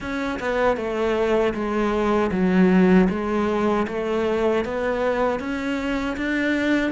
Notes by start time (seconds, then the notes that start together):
0.00 C#4
0.39 B3
0.76 A3
1.53 G#3
2.31 F#3
3.09 G#3
3.87 A3
4.65 B3
5.39 C#4
6.16 D4